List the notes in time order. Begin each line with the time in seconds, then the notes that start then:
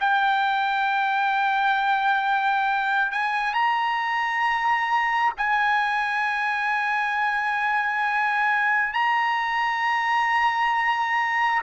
0.00 G5
3.11 G#5
3.53 A#5
5.37 G#5
8.93 A#5